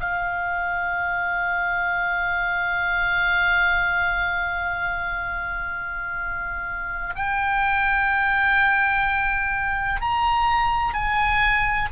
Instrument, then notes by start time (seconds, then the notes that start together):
oboe
0.00 F5
7.15 G5
10.01 A#5
10.94 G#5